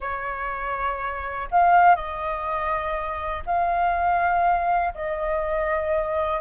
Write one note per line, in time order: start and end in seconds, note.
0.00 1.48 C#5
1.51 1.95 F5
1.95 3.43 D#5
3.46 4.93 F5
4.94 6.40 D#5